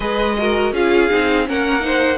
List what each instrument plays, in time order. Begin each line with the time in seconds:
0.00 cello G#3, viola G#4, violin B4 D#5
0.37 viola F#4, violin A#4
0.72 cello C#4, viola F4, violin G#4 F5
1.10 cello C4, viola D#4
1.45 cello A#3, viola C#4, violin A#4 F#5
1.79 viola D#4, violin C5